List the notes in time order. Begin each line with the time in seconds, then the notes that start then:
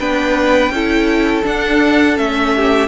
0.00 B3 D4 B4 G5
0.70 C#4 E4 A4
1.44 D4 F#5
2.16 A3 C#4 E5
2.56 G4